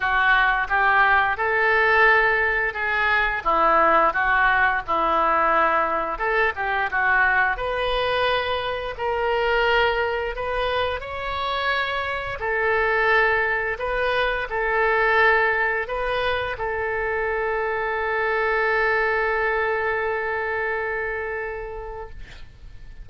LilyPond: \new Staff \with { instrumentName = "oboe" } { \time 4/4 \tempo 4 = 87 fis'4 g'4 a'2 | gis'4 e'4 fis'4 e'4~ | e'4 a'8 g'8 fis'4 b'4~ | b'4 ais'2 b'4 |
cis''2 a'2 | b'4 a'2 b'4 | a'1~ | a'1 | }